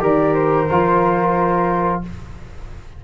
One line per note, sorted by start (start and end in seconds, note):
0.00 0.69 D#3
0.00 0.67 G4
0.00 2.02 A#4
0.00 0.35 D5
0.35 2.02 C5
0.70 2.05 F3
0.70 2.03 F4